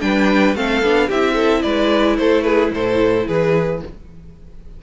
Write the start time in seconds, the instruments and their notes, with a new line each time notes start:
0.00 cello G3, viola D4, violin B4 G5
0.55 cello A3, viola C4, violin A4 F5
0.82 cello B3, viola D4
1.08 cello C4, viola E4, violin G4 E5
1.34 violin A4
1.62 cello G#3, violin B4 D5
2.17 cello A3, violin A4 C5
2.43 violin G#4 B4
2.71 cello A2, violin A4 C5
3.27 cello E3, violin G#4 B4